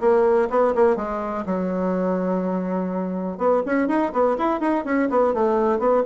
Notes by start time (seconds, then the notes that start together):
0.00 A#3
0.50 B3
0.75 A#3
0.96 G#3
1.45 F#3
3.38 B3
3.65 C#4
3.88 D#4
4.12 B3
4.38 E4
4.60 D#4
4.85 C#4
5.10 B3
5.34 A3
5.79 B3